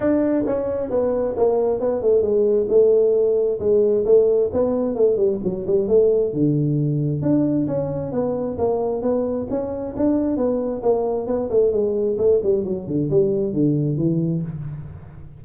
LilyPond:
\new Staff \with { instrumentName = "tuba" } { \time 4/4 \tempo 4 = 133 d'4 cis'4 b4 ais4 | b8 a8 gis4 a2 | gis4 a4 b4 a8 g8 | fis8 g8 a4 d2 |
d'4 cis'4 b4 ais4 | b4 cis'4 d'4 b4 | ais4 b8 a8 gis4 a8 g8 | fis8 d8 g4 d4 e4 | }